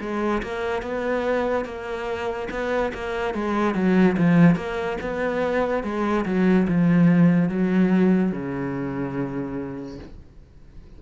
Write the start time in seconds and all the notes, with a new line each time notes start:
0.00 G#3
0.42 A#3
0.81 B3
1.65 A#3
2.50 B3
2.93 A#3
3.34 G#3
3.74 F#3
4.17 F3
4.55 A#3
5.01 B3
5.83 G#3
6.25 F#3
6.67 F3
7.49 F#3
8.31 C#3